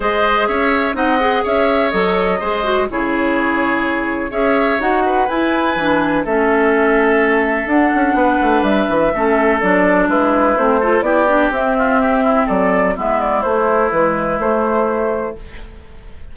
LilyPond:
<<
  \new Staff \with { instrumentName = "flute" } { \time 4/4 \tempo 4 = 125 dis''4 e''4 fis''4 e''4 | dis''2 cis''2~ | cis''4 e''4 fis''4 gis''4~ | gis''4 e''2. |
fis''2 e''2 | d''4 b'4 c''4 d''4 | e''2 d''4 e''8 d''8 | c''4 b'4 c''2 | }
  \new Staff \with { instrumentName = "oboe" } { \time 4/4 c''4 cis''4 dis''4 cis''4~ | cis''4 c''4 gis'2~ | gis'4 cis''4. b'4.~ | b'4 a'2.~ |
a'4 b'2 a'4~ | a'4 e'4. a'8 g'4~ | g'8 f'8 g'8 e'8 a'4 e'4~ | e'1 | }
  \new Staff \with { instrumentName = "clarinet" } { \time 4/4 gis'2 dis'8 gis'4. | a'4 gis'8 fis'8 e'2~ | e'4 gis'4 fis'4 e'4 | d'4 cis'2. |
d'2. cis'4 | d'2 c'8 f'8 e'8 d'8 | c'2. b4 | a4 gis4 a2 | }
  \new Staff \with { instrumentName = "bassoon" } { \time 4/4 gis4 cis'4 c'4 cis'4 | fis4 gis4 cis2~ | cis4 cis'4 dis'4 e'4 | e4 a2. |
d'8 cis'8 b8 a8 g8 e8 a4 | fis4 gis4 a4 b4 | c'2 fis4 gis4 | a4 e4 a2 | }
>>